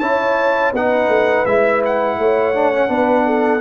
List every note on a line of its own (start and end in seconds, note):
0.00 0.73 C#4
0.00 0.74 E4
0.00 0.72 C#5
0.00 0.72 A5
0.72 1.08 B3
0.72 1.47 D#4
0.72 2.16 B4
0.72 1.46 F#5
1.08 1.44 A3
1.46 2.18 G#3
1.46 2.55 E4
1.46 1.82 E5
1.85 3.61 F#5
2.18 2.89 A3
2.18 2.90 C#5
2.55 2.73 D4
2.73 2.88 C#4
2.88 3.61 B3
2.88 3.60 D4
2.88 3.27 B4
3.27 3.61 A4